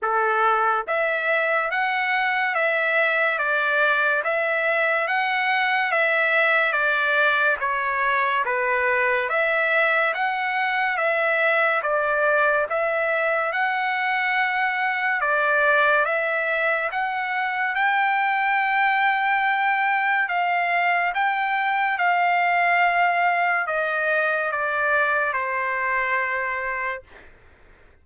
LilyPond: \new Staff \with { instrumentName = "trumpet" } { \time 4/4 \tempo 4 = 71 a'4 e''4 fis''4 e''4 | d''4 e''4 fis''4 e''4 | d''4 cis''4 b'4 e''4 | fis''4 e''4 d''4 e''4 |
fis''2 d''4 e''4 | fis''4 g''2. | f''4 g''4 f''2 | dis''4 d''4 c''2 | }